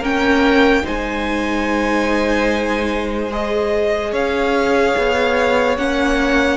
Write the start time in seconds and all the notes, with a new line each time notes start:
0.00 A#3 C#4 A#4 G5
0.82 G#3 D#4 C5 G#5
3.31 G#4 D#5
4.11 C#4 C#5 F5
4.97 B3
5.77 A#3 C#4 F#5